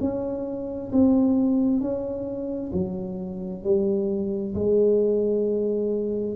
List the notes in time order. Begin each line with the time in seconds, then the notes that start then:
0.00 C#4
0.92 C4
1.80 C#4
2.73 F#3
3.64 G3
4.55 G#3